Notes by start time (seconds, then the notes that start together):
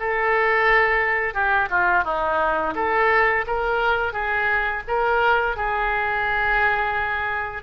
0.00 A4
1.34 G4
1.71 F4
2.05 D#4
2.76 A4
3.47 A#4
4.13 G#4
4.88 A#4
5.57 G#4